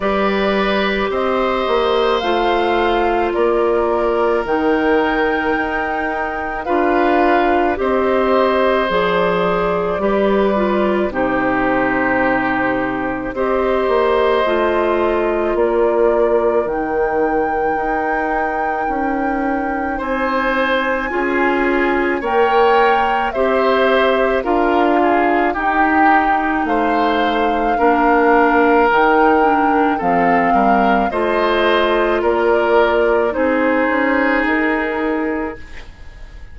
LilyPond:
<<
  \new Staff \with { instrumentName = "flute" } { \time 4/4 \tempo 4 = 54 d''4 dis''4 f''4 d''4 | g''2 f''4 dis''4 | d''2 c''2 | dis''2 d''4 g''4~ |
g''2 gis''2 | g''4 e''4 f''4 g''4 | f''2 g''4 f''4 | dis''4 d''4 c''4 ais'4 | }
  \new Staff \with { instrumentName = "oboe" } { \time 4/4 b'4 c''2 ais'4~ | ais'2 b'4 c''4~ | c''4 b'4 g'2 | c''2 ais'2~ |
ais'2 c''4 gis'4 | cis''4 c''4 ais'8 gis'8 g'4 | c''4 ais'2 a'8 ais'8 | c''4 ais'4 gis'2 | }
  \new Staff \with { instrumentName = "clarinet" } { \time 4/4 g'2 f'2 | dis'2 f'4 g'4 | gis'4 g'8 f'8 dis'2 | g'4 f'2 dis'4~ |
dis'2. f'4 | ais'4 g'4 f'4 dis'4~ | dis'4 d'4 dis'8 d'8 c'4 | f'2 dis'2 | }
  \new Staff \with { instrumentName = "bassoon" } { \time 4/4 g4 c'8 ais8 a4 ais4 | dis4 dis'4 d'4 c'4 | f4 g4 c2 | c'8 ais8 a4 ais4 dis4 |
dis'4 cis'4 c'4 cis'4 | ais4 c'4 d'4 dis'4 | a4 ais4 dis4 f8 g8 | a4 ais4 c'8 cis'8 dis'4 | }
>>